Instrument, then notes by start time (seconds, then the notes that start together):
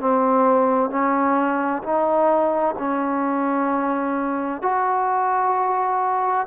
trombone
0.00 C4
0.90 C#4
1.83 D#4
2.79 C#4
4.62 F#4